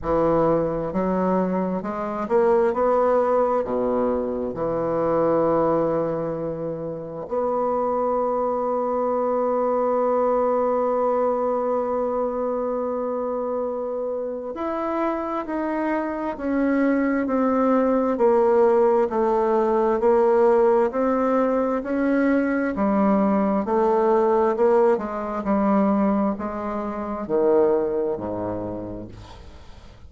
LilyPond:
\new Staff \with { instrumentName = "bassoon" } { \time 4/4 \tempo 4 = 66 e4 fis4 gis8 ais8 b4 | b,4 e2. | b1~ | b1 |
e'4 dis'4 cis'4 c'4 | ais4 a4 ais4 c'4 | cis'4 g4 a4 ais8 gis8 | g4 gis4 dis4 gis,4 | }